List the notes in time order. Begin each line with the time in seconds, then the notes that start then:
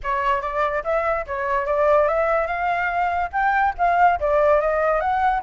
0.03 C#5
0.41 D5
0.83 E5
1.26 C#5
1.66 D5
2.08 E5
2.46 F5
3.32 G5
3.77 F5
4.20 D5
4.60 D#5
5.00 F#5